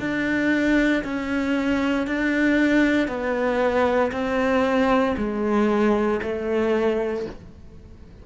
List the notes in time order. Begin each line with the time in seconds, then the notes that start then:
0.00 D4
1.04 C#4
2.07 D4
3.08 B3
4.12 C4
5.17 G#3
6.23 A3